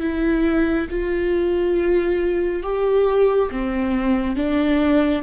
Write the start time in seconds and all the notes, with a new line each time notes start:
0.00 E4
0.90 F4
2.63 G4
3.51 C4
4.36 D4